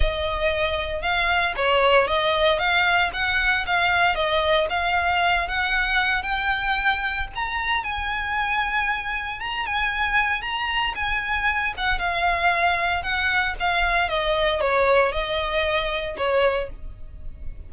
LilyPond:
\new Staff \with { instrumentName = "violin" } { \time 4/4 \tempo 4 = 115 dis''2 f''4 cis''4 | dis''4 f''4 fis''4 f''4 | dis''4 f''4. fis''4. | g''2 ais''4 gis''4~ |
gis''2 ais''8 gis''4. | ais''4 gis''4. fis''8 f''4~ | f''4 fis''4 f''4 dis''4 | cis''4 dis''2 cis''4 | }